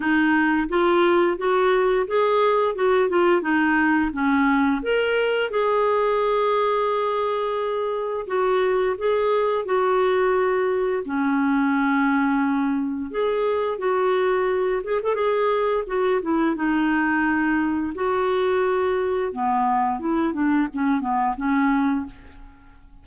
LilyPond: \new Staff \with { instrumentName = "clarinet" } { \time 4/4 \tempo 4 = 87 dis'4 f'4 fis'4 gis'4 | fis'8 f'8 dis'4 cis'4 ais'4 | gis'1 | fis'4 gis'4 fis'2 |
cis'2. gis'4 | fis'4. gis'16 a'16 gis'4 fis'8 e'8 | dis'2 fis'2 | b4 e'8 d'8 cis'8 b8 cis'4 | }